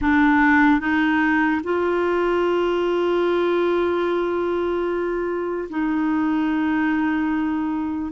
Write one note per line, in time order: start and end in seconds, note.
0.01 0.80 D4
0.80 1.61 D#4
1.63 5.68 F4
5.69 8.12 D#4